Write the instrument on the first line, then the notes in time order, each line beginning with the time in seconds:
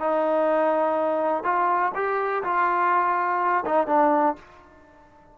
trombone
0.00 D#4
1.43 F4
1.95 G4
2.43 F4
3.66 D#4
3.87 D4